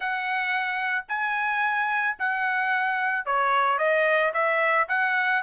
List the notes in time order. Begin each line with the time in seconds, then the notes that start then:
0.00 F#5
1.08 G#5
2.18 F#5
3.25 C#5
3.78 D#5
4.33 E5
4.88 F#5